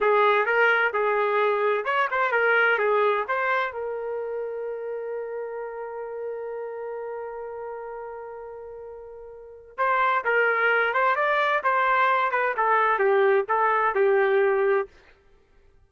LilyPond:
\new Staff \with { instrumentName = "trumpet" } { \time 4/4 \tempo 4 = 129 gis'4 ais'4 gis'2 | cis''8 c''8 ais'4 gis'4 c''4 | ais'1~ | ais'1~ |
ais'1~ | ais'4 c''4 ais'4. c''8 | d''4 c''4. b'8 a'4 | g'4 a'4 g'2 | }